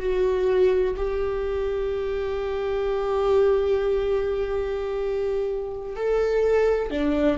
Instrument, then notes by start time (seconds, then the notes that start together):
viola
0.00 F#4
0.97 G4
5.96 A4
6.91 D4